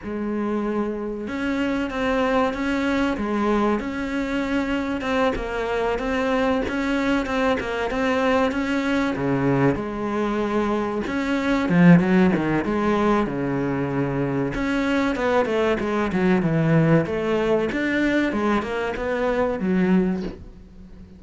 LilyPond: \new Staff \with { instrumentName = "cello" } { \time 4/4 \tempo 4 = 95 gis2 cis'4 c'4 | cis'4 gis4 cis'2 | c'8 ais4 c'4 cis'4 c'8 | ais8 c'4 cis'4 cis4 gis8~ |
gis4. cis'4 f8 fis8 dis8 | gis4 cis2 cis'4 | b8 a8 gis8 fis8 e4 a4 | d'4 gis8 ais8 b4 fis4 | }